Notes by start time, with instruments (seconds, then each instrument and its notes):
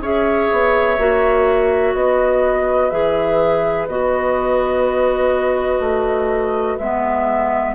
0.00 bassoon C#4, clarinet G#4, oboe C#5, flute E5
0.52 bassoon B3
0.98 bassoon A#3, clarinet F#4
1.94 bassoon B3, oboe B4, flute D#5
2.90 bassoon E3, clarinet G#4, flute E5
3.87 bassoon B3, clarinet F#4, flute D#5
5.80 bassoon A3
6.78 bassoon G#3, clarinet B3, flute E5